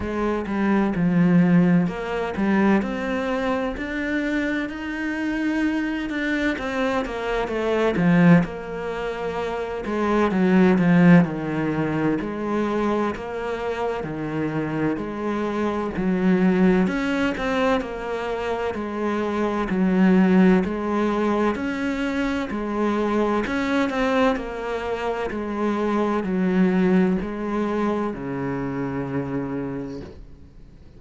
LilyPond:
\new Staff \with { instrumentName = "cello" } { \time 4/4 \tempo 4 = 64 gis8 g8 f4 ais8 g8 c'4 | d'4 dis'4. d'8 c'8 ais8 | a8 f8 ais4. gis8 fis8 f8 | dis4 gis4 ais4 dis4 |
gis4 fis4 cis'8 c'8 ais4 | gis4 fis4 gis4 cis'4 | gis4 cis'8 c'8 ais4 gis4 | fis4 gis4 cis2 | }